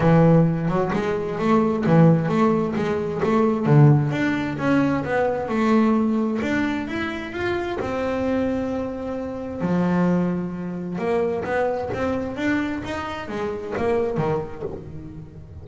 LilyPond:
\new Staff \with { instrumentName = "double bass" } { \time 4/4 \tempo 4 = 131 e4. fis8 gis4 a4 | e4 a4 gis4 a4 | d4 d'4 cis'4 b4 | a2 d'4 e'4 |
f'4 c'2.~ | c'4 f2. | ais4 b4 c'4 d'4 | dis'4 gis4 ais4 dis4 | }